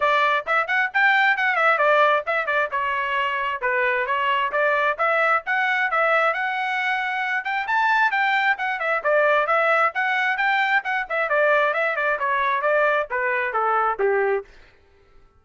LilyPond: \new Staff \with { instrumentName = "trumpet" } { \time 4/4 \tempo 4 = 133 d''4 e''8 fis''8 g''4 fis''8 e''8 | d''4 e''8 d''8 cis''2 | b'4 cis''4 d''4 e''4 | fis''4 e''4 fis''2~ |
fis''8 g''8 a''4 g''4 fis''8 e''8 | d''4 e''4 fis''4 g''4 | fis''8 e''8 d''4 e''8 d''8 cis''4 | d''4 b'4 a'4 g'4 | }